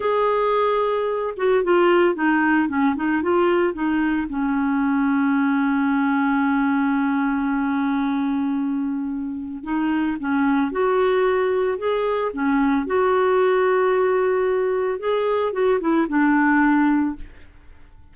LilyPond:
\new Staff \with { instrumentName = "clarinet" } { \time 4/4 \tempo 4 = 112 gis'2~ gis'8 fis'8 f'4 | dis'4 cis'8 dis'8 f'4 dis'4 | cis'1~ | cis'1~ |
cis'2 dis'4 cis'4 | fis'2 gis'4 cis'4 | fis'1 | gis'4 fis'8 e'8 d'2 | }